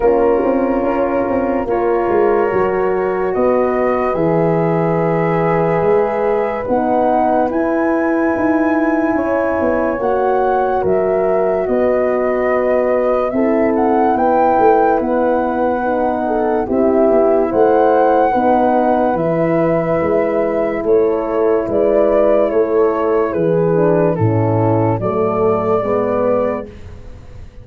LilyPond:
<<
  \new Staff \with { instrumentName = "flute" } { \time 4/4 \tempo 4 = 72 ais'2 cis''2 | dis''4 e''2. | fis''4 gis''2. | fis''4 e''4 dis''2 |
e''8 fis''8 g''4 fis''2 | e''4 fis''2 e''4~ | e''4 cis''4 d''4 cis''4 | b'4 a'4 d''2 | }
  \new Staff \with { instrumentName = "horn" } { \time 4/4 f'2 ais'2 | b'1~ | b'2. cis''4~ | cis''4 ais'4 b'2 |
a'4 b'2~ b'8 a'8 | g'4 c''4 b'2~ | b'4 a'4 b'4 a'4 | gis'4 e'4 a'4 b'4 | }
  \new Staff \with { instrumentName = "horn" } { \time 4/4 cis'2 f'4 fis'4~ | fis'4 gis'2. | dis'4 e'2. | fis'1 |
e'2. dis'4 | e'2 dis'4 e'4~ | e'1~ | e'8 d'8 cis'4 a4 b4 | }
  \new Staff \with { instrumentName = "tuba" } { \time 4/4 ais8 c'8 cis'8 c'8 ais8 gis8 fis4 | b4 e2 gis4 | b4 e'4 dis'4 cis'8 b8 | ais4 fis4 b2 |
c'4 b8 a8 b2 | c'8 b8 a4 b4 e4 | gis4 a4 gis4 a4 | e4 a,4 fis4 gis4 | }
>>